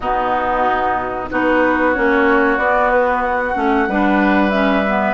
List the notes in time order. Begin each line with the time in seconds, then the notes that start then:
0.00 B2 B3 D#4 F#4
1.30 B3 D#4 F#4 B4
1.93 A#3 C#4 C#5
2.57 B3 D5
2.91 B4
3.23 F#5
3.54 A3 C#4
3.87 G3 D4 B4
4.49 C#4 E5
4.87 B3